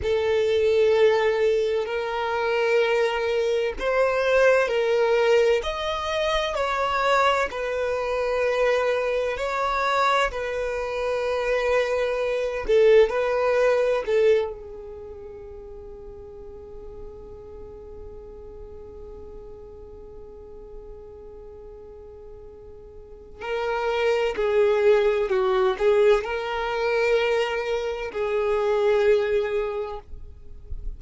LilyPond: \new Staff \with { instrumentName = "violin" } { \time 4/4 \tempo 4 = 64 a'2 ais'2 | c''4 ais'4 dis''4 cis''4 | b'2 cis''4 b'4~ | b'4. a'8 b'4 a'8 gis'8~ |
gis'1~ | gis'1~ | gis'4 ais'4 gis'4 fis'8 gis'8 | ais'2 gis'2 | }